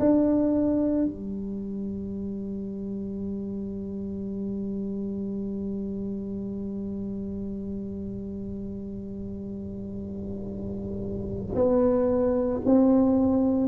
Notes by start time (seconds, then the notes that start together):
0.00 D4
1.06 G3
11.56 B3
12.66 C4